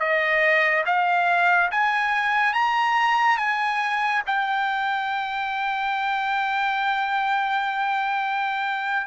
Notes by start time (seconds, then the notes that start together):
0.00 D#5
0.86 F5
1.71 G#5
2.54 A#5
3.38 G#5
4.27 G5